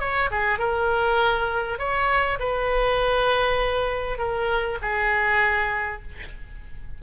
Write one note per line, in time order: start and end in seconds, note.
0.00 0.30 C#5
0.31 0.59 G#4
0.59 1.79 A#4
1.79 2.39 C#5
2.40 4.19 B4
4.19 4.79 A#4
4.82 6.02 G#4